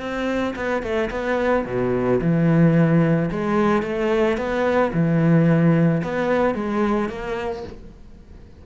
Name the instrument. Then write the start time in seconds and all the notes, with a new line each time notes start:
cello
0.00 C4
0.56 B3
0.83 A3
1.11 B3
1.66 B2
2.21 E3
3.31 G#3
3.83 A3
4.37 B3
4.93 E3
6.03 B3
6.55 G#3
7.09 A#3